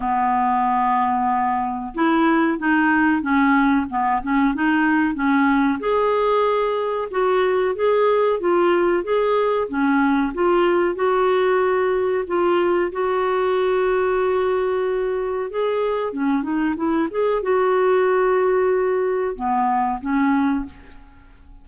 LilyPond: \new Staff \with { instrumentName = "clarinet" } { \time 4/4 \tempo 4 = 93 b2. e'4 | dis'4 cis'4 b8 cis'8 dis'4 | cis'4 gis'2 fis'4 | gis'4 f'4 gis'4 cis'4 |
f'4 fis'2 f'4 | fis'1 | gis'4 cis'8 dis'8 e'8 gis'8 fis'4~ | fis'2 b4 cis'4 | }